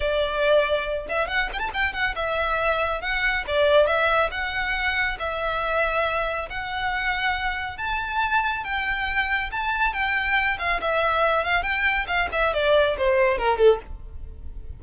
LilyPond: \new Staff \with { instrumentName = "violin" } { \time 4/4 \tempo 4 = 139 d''2~ d''8 e''8 fis''8 g''16 a''16 | g''8 fis''8 e''2 fis''4 | d''4 e''4 fis''2 | e''2. fis''4~ |
fis''2 a''2 | g''2 a''4 g''4~ | g''8 f''8 e''4. f''8 g''4 | f''8 e''8 d''4 c''4 ais'8 a'8 | }